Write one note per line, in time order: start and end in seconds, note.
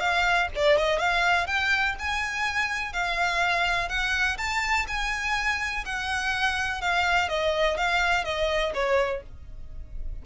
0.00 0.48 F5
0.56 0.78 D5
0.78 0.99 D#5
0.99 1.47 F5
1.47 1.95 G5
1.99 2.93 G#5
2.93 3.89 F5
3.89 4.37 F#5
4.38 4.86 A5
4.88 5.85 G#5
5.85 6.81 F#5
6.81 7.29 F5
7.29 7.77 D#5
7.77 8.25 F5
8.25 8.73 D#5
8.74 9.22 C#5